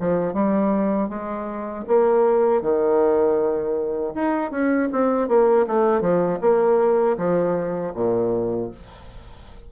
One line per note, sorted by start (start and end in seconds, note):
0.00 0.34 F3
0.34 1.09 G3
1.09 1.85 G#3
1.88 2.62 A#3
2.62 4.14 D#3
4.15 4.51 D#4
4.51 4.89 C#4
4.92 5.28 C4
5.28 5.66 A#3
5.67 6.01 A3
6.01 6.39 F3
6.41 7.17 A#3
7.17 7.93 F3
7.95 8.71 A#2